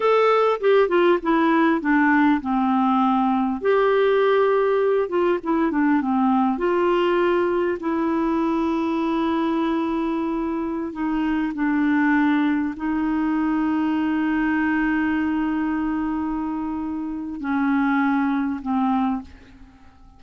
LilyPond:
\new Staff \with { instrumentName = "clarinet" } { \time 4/4 \tempo 4 = 100 a'4 g'8 f'8 e'4 d'4 | c'2 g'2~ | g'8 f'8 e'8 d'8 c'4 f'4~ | f'4 e'2.~ |
e'2~ e'16 dis'4 d'8.~ | d'4~ d'16 dis'2~ dis'8.~ | dis'1~ | dis'4 cis'2 c'4 | }